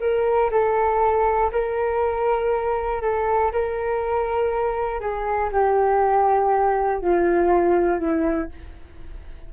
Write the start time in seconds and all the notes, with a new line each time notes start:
0.00 A#4
0.51 A4
1.52 A#4
3.01 A4
3.52 A#4
5.00 G#4
5.51 G4
7.01 F4
7.99 E4